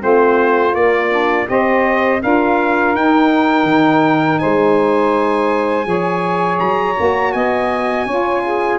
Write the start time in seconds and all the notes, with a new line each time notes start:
0.00 A3 C4 F4 C5
0.74 A#3 D5
1.12 D4
1.46 C4 G4 C5 D#5
2.22 D4 F4 A#4 F5
2.94 D#4 G5
3.63 D#3
4.39 G#3 C5 G#5
5.85 F3 G#4 C#5
6.59 F#3 A#5
6.97 A#3 F#4
7.33 B3 D#5 G#5
8.06 C#4 F4 C#5
8.44 G#4